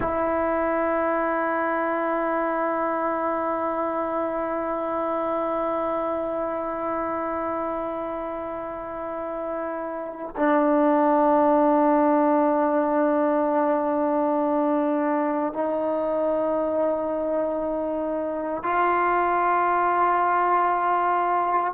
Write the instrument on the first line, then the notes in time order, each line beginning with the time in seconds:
trombone
0.00 E4
10.36 D4
15.53 D#4
18.63 F4